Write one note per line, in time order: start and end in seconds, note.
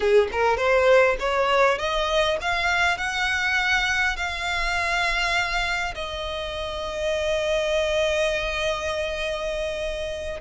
0.00 0.28 G#4
0.32 0.57 A#4
0.57 1.16 C5
1.19 1.78 C#5
1.78 2.37 D#5
2.41 2.97 F5
2.97 4.16 F#5
4.16 5.94 F5
5.94 10.40 D#5